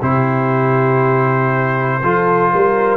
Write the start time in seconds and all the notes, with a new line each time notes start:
0.00 C3 E4 G4 C5
2.02 F3 F4 A4
2.52 G3 A#4